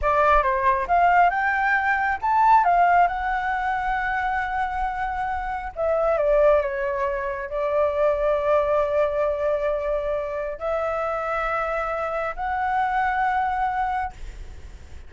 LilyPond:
\new Staff \with { instrumentName = "flute" } { \time 4/4 \tempo 4 = 136 d''4 c''4 f''4 g''4~ | g''4 a''4 f''4 fis''4~ | fis''1~ | fis''4 e''4 d''4 cis''4~ |
cis''4 d''2.~ | d''1 | e''1 | fis''1 | }